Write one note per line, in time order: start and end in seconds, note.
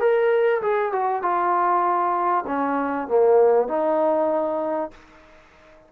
0.00 0.61 A#4
0.62 0.92 G#4
0.92 1.22 F#4
1.22 2.45 F4
2.47 3.08 C#4
3.08 3.68 A#3
3.68 4.91 D#4